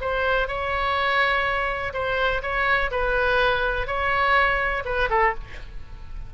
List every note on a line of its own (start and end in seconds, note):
0.00 0.48 C5
0.48 1.93 C#5
1.93 2.41 C5
2.42 2.90 C#5
2.91 3.86 B4
3.86 4.83 C#5
4.85 5.09 B4
5.09 5.34 A4